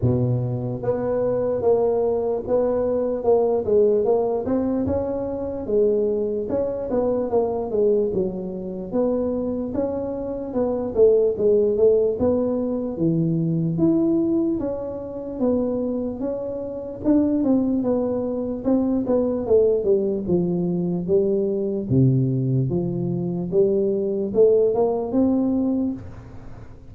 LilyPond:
\new Staff \with { instrumentName = "tuba" } { \time 4/4 \tempo 4 = 74 b,4 b4 ais4 b4 | ais8 gis8 ais8 c'8 cis'4 gis4 | cis'8 b8 ais8 gis8 fis4 b4 | cis'4 b8 a8 gis8 a8 b4 |
e4 e'4 cis'4 b4 | cis'4 d'8 c'8 b4 c'8 b8 | a8 g8 f4 g4 c4 | f4 g4 a8 ais8 c'4 | }